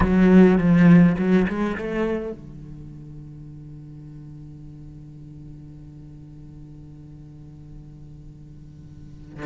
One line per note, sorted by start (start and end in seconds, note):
0.00 0.57 F#3
0.57 1.16 F3
1.18 1.47 F#3
1.47 1.77 G#3
1.77 2.32 A3
2.32 9.45 D3